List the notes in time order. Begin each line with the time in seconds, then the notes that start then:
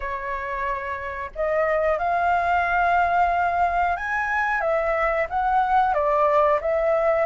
0.00 C#5
1.35 D#5
1.98 F5
3.96 G#5
4.60 E5
5.29 F#5
5.93 D5
6.61 E5